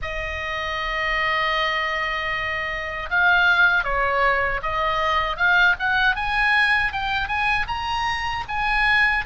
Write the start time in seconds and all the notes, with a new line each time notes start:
0.01 D#5
3.10 F5
3.84 C#5
4.62 D#5
5.37 F5
5.79 F#5
6.15 G#5
6.92 G5
7.27 G#5
7.67 A#5
8.48 G#5